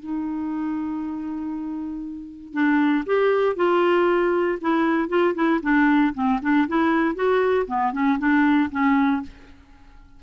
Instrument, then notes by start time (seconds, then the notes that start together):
clarinet
0.00 D#4
2.54 D4
3.07 G4
3.57 F4
4.62 E4
5.09 F4
5.35 E4
5.63 D4
6.15 C4
6.42 D4
6.68 E4
7.15 F#4
7.68 B3
7.93 C#4
8.19 D4
8.72 C#4